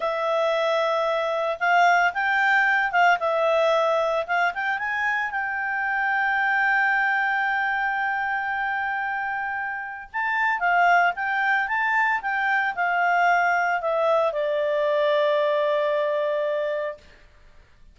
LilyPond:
\new Staff \with { instrumentName = "clarinet" } { \time 4/4 \tempo 4 = 113 e''2. f''4 | g''4. f''8 e''2 | f''8 g''8 gis''4 g''2~ | g''1~ |
g''2. a''4 | f''4 g''4 a''4 g''4 | f''2 e''4 d''4~ | d''1 | }